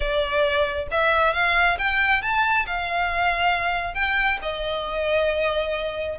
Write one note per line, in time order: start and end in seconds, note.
0.00 0.87 D5
0.91 1.33 E5
1.33 1.77 F5
1.78 2.22 G5
2.22 2.66 A5
2.66 3.94 F5
3.94 4.38 G5
4.42 6.18 D#5